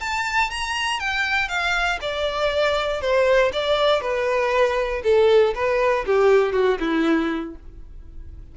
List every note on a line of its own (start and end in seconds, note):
0.00 0.50 A5
0.51 0.99 A#5
0.99 1.48 G5
1.48 1.99 F5
2.01 3.01 D5
3.01 3.51 C5
3.53 4.01 D5
4.01 5.02 B4
5.04 5.54 A4
5.55 6.05 B4
6.06 6.53 G4
6.53 6.78 F#4
6.80 7.55 E4